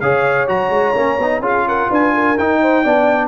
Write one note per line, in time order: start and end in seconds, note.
0.00 0.48 C#3
0.00 0.47 G#4
0.00 1.41 C#5
0.00 0.47 F5
0.47 0.69 F#3
0.47 0.94 F#4
0.47 1.43 A#5
0.69 0.93 G#3
0.94 1.18 A#3
0.94 1.18 C#4
1.18 1.39 B3
1.18 1.42 D#4
1.39 1.86 C#4
1.39 2.36 F4
1.39 1.65 G#4
1.46 1.68 F5
1.67 1.89 A#4
1.67 1.92 F#5
1.89 2.37 D4
1.89 2.12 B4
1.89 2.37 G#5
2.13 2.61 A#4
2.37 2.85 D#4
2.37 3.28 G5
2.61 2.83 C5
2.83 3.28 B3
2.83 3.28 D4
2.83 3.28 D5